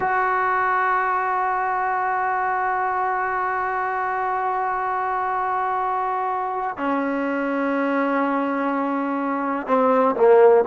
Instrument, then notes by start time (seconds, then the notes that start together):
trombone
0.00 F#4
6.77 C#4
9.66 C4
10.16 A#3